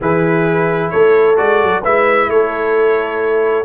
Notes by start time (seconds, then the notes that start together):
0.00 E3 E4 G#4 B4
0.90 A3 A4 C#5
1.36 G#3 F#4 D5
1.62 F#3
1.81 G#3 E4 B4 E5
2.28 A3 A4 C#5